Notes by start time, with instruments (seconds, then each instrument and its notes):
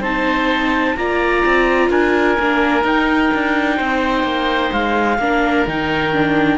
0.00 cello C4, viola D#4, oboe C5, clarinet A5
0.96 cello A#3, viola F4, oboe D5, clarinet A#5
1.45 cello C4
1.90 cello D4, oboe A#4, clarinet G#5
2.39 cello A#3, viola D4
2.82 viola D#4, cello D#4, clarinet G5
3.34 cello D4
3.76 cello C4, oboe C5
4.23 cello A#3
4.72 cello G#3, clarinet F5
5.18 cello A#3, viola D4, oboe A#4
5.66 cello D#3, viola D#4, clarinet G5
6.13 viola D4